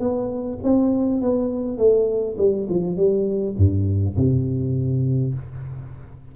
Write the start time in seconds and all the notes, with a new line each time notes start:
0.00 B3
0.64 C4
1.22 B3
1.78 A3
2.38 G3
2.70 F3
2.97 G3
3.57 G2
4.17 C3